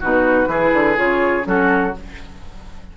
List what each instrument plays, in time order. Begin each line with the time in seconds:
0.00 bassoon B2, clarinet D#4, oboe F#4, flute B4
0.47 bassoon E3, clarinet E4, oboe G#4
0.73 bassoon D3
0.96 bassoon C#3, clarinet F4, flute C#5
1.43 bassoon F#3, clarinet C#4, oboe F#4, flute A4